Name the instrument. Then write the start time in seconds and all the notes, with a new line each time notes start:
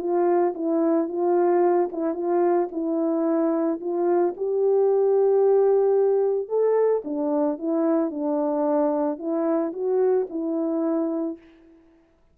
horn
0.00 F4
0.55 E4
1.09 F4
1.93 E4
2.15 F4
2.72 E4
3.81 F4
4.37 G4
6.49 A4
7.05 D4
7.59 E4
8.11 D4
9.19 E4
9.73 F#4
10.30 E4